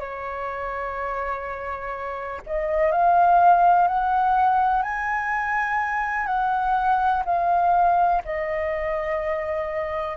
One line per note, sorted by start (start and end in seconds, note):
0.00 2.42 C#5
2.47 2.92 D#5
2.92 3.88 F5
3.88 4.83 F#5
4.83 6.27 G#5
6.27 7.24 F#5
7.26 8.23 F5
8.25 10.17 D#5